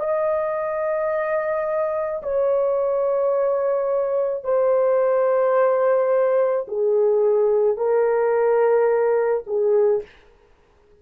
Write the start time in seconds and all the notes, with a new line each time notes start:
0.00 D#5
2.23 C#5
4.44 C5
6.68 G#4
7.77 A#4
9.46 G#4